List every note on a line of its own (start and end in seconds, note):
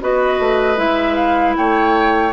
0.00 0.39 B3
0.00 0.76 F#4
0.00 1.57 B4
0.00 0.79 D#5
0.39 0.78 A3
0.76 1.56 G#3
0.76 2.32 E4
0.76 1.15 E5
1.15 1.54 F5
1.56 2.33 A3
1.56 2.33 C#5
1.56 2.33 G5